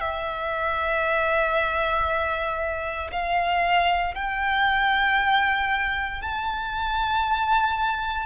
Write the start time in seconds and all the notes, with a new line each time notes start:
0.00 E5
3.12 F5
4.15 G5
6.22 A5